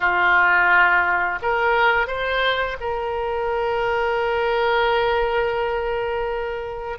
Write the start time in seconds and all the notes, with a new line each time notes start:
0.00 F4
1.41 A#4
2.07 C5
2.80 A#4